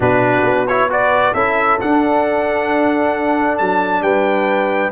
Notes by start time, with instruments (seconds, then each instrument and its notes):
0.00 tuba B2, trombone D4, horn F#4, trumpet B4
0.43 tuba B3
0.67 trombone E4, trumpet C#5
0.89 trombone F#4, horn B4, trumpet D5
1.33 tuba C#4, trombone E4, horn A4, trumpet E5
1.79 trombone D4, tuba D4, trumpet F#5
3.58 tuba F#3, trumpet A5
4.01 tuba G3, horn B4, trumpet G5